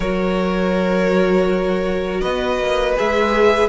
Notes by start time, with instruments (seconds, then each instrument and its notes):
0.00 cello F#3, viola F#4, violin A#4 C#5
2.21 cello B3, violin B4 D#5
2.59 cello A#3
2.95 cello G#3, viola G#4, violin E5